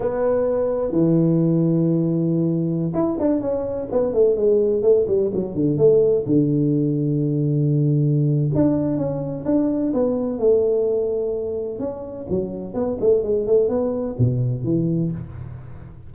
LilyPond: \new Staff \with { instrumentName = "tuba" } { \time 4/4 \tempo 4 = 127 b2 e2~ | e2~ e16 e'8 d'8 cis'8.~ | cis'16 b8 a8 gis4 a8 g8 fis8 d16~ | d16 a4 d2~ d8.~ |
d2 d'4 cis'4 | d'4 b4 a2~ | a4 cis'4 fis4 b8 a8 | gis8 a8 b4 b,4 e4 | }